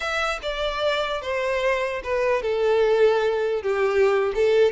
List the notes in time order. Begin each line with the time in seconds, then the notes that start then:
0.00 E5
0.42 D5
1.21 C5
2.03 B4
2.42 A4
3.62 G4
4.34 A4